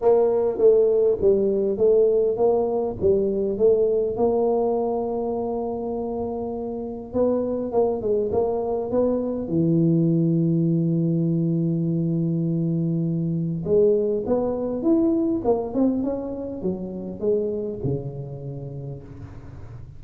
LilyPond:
\new Staff \with { instrumentName = "tuba" } { \time 4/4 \tempo 4 = 101 ais4 a4 g4 a4 | ais4 g4 a4 ais4~ | ais1 | b4 ais8 gis8 ais4 b4 |
e1~ | e2. gis4 | b4 e'4 ais8 c'8 cis'4 | fis4 gis4 cis2 | }